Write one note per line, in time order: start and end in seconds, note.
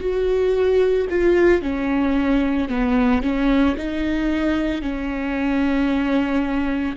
0.00 1.07 F#4
1.10 1.62 F4
1.62 2.68 C#4
2.68 3.22 B3
3.22 3.75 C#4
3.77 4.82 D#4
4.82 6.96 C#4